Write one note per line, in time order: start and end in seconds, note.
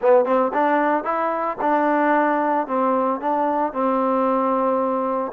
0.01 0.25 B3
0.25 0.51 C4
0.53 1.04 D4
1.04 1.57 E4
1.61 2.67 D4
2.67 3.20 C4
3.20 3.72 D4
3.72 5.32 C4